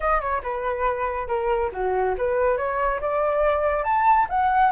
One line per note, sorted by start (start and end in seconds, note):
0.00 0.20 D#5
0.20 0.42 C#5
0.42 1.27 B4
1.27 1.70 A#4
1.72 2.15 F#4
2.17 2.57 B4
2.57 3.00 C#5
3.00 3.84 D5
3.84 4.26 A5
4.29 4.71 F#5